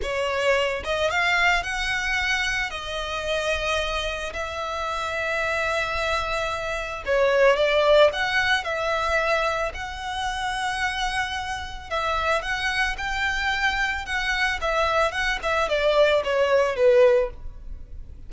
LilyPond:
\new Staff \with { instrumentName = "violin" } { \time 4/4 \tempo 4 = 111 cis''4. dis''8 f''4 fis''4~ | fis''4 dis''2. | e''1~ | e''4 cis''4 d''4 fis''4 |
e''2 fis''2~ | fis''2 e''4 fis''4 | g''2 fis''4 e''4 | fis''8 e''8 d''4 cis''4 b'4 | }